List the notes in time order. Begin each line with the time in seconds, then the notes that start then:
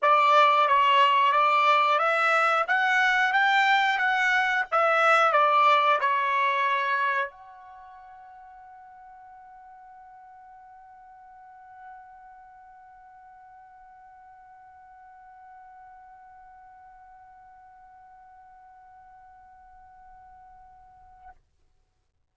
0.02 D5
0.68 C#5
1.32 D5
1.98 E5
2.67 F#5
3.33 G5
3.98 F#5
4.71 E5
5.32 D5
6.00 C#5
7.30 F#5